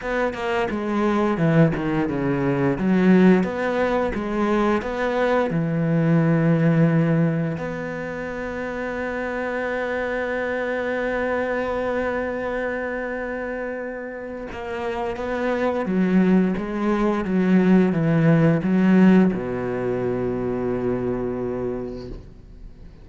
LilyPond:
\new Staff \with { instrumentName = "cello" } { \time 4/4 \tempo 4 = 87 b8 ais8 gis4 e8 dis8 cis4 | fis4 b4 gis4 b4 | e2. b4~ | b1~ |
b1~ | b4 ais4 b4 fis4 | gis4 fis4 e4 fis4 | b,1 | }